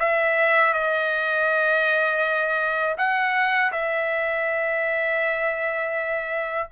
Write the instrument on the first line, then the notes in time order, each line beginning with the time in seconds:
trumpet
0.00 E5
0.74 D#5
2.98 F#5
3.72 E5